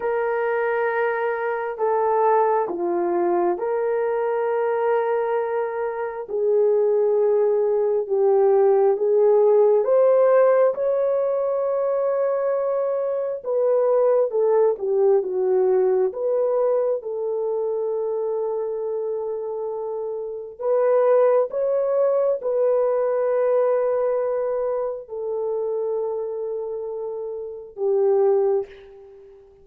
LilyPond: \new Staff \with { instrumentName = "horn" } { \time 4/4 \tempo 4 = 67 ais'2 a'4 f'4 | ais'2. gis'4~ | gis'4 g'4 gis'4 c''4 | cis''2. b'4 |
a'8 g'8 fis'4 b'4 a'4~ | a'2. b'4 | cis''4 b'2. | a'2. g'4 | }